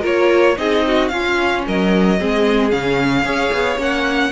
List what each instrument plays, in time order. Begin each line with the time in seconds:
0.00 cello A#3, viola F4, violin A#4 C#5
0.56 cello C4, viola D#4, violin G#4 D#5
0.86 violin F#4
1.08 cello C#4, viola C#4, violin F4 F5
1.66 cello F#3, violin A#4 D#5
2.18 cello G#3, viola C4, violin G#4
2.70 cello C#3, viola C#4, violin F5
3.23 cello C#4, viola G#4, violin C#5
3.52 cello B3
3.77 cello A#3, viola C#4, violin F#5